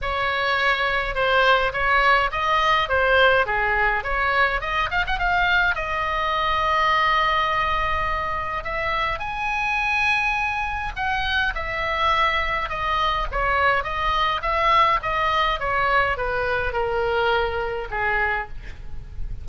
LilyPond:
\new Staff \with { instrumentName = "oboe" } { \time 4/4 \tempo 4 = 104 cis''2 c''4 cis''4 | dis''4 c''4 gis'4 cis''4 | dis''8 f''16 fis''16 f''4 dis''2~ | dis''2. e''4 |
gis''2. fis''4 | e''2 dis''4 cis''4 | dis''4 e''4 dis''4 cis''4 | b'4 ais'2 gis'4 | }